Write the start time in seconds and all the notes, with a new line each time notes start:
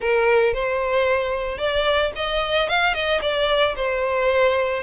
0.00 A#4
0.53 C5
1.58 D5
2.15 D#5
2.68 F5
2.93 D#5
3.21 D5
3.76 C5